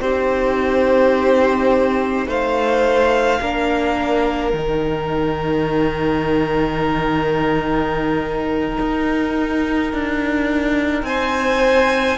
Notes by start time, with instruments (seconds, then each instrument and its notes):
0.00 cello C4, viola D#4, violin G4 C5
2.27 cello A3, violin C5 F5
3.41 cello A#3, viola D4, violin A#4
4.53 cello D#3, viola D#4, violin G5
8.80 cello D#4
9.93 cello D4
11.03 cello C4, violin C5 G#5